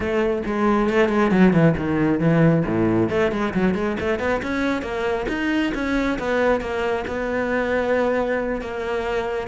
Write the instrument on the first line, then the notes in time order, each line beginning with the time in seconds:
cello
0.00 A3
0.45 G#3
0.89 A3
1.08 G#3
1.31 F#3
1.53 E3
1.77 D#3
2.19 E3
2.66 A2
3.09 A3
3.31 G#3
3.54 F#3
3.74 G#3
3.99 A3
4.19 B3
4.42 C#4
4.82 A#3
5.28 D#4
5.74 C#4
6.19 B3
6.60 A#3
7.07 B3
8.61 A#3